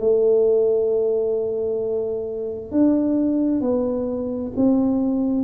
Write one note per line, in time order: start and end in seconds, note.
0.00 2.72 A3
2.72 3.62 D4
3.62 4.52 B3
4.57 5.45 C4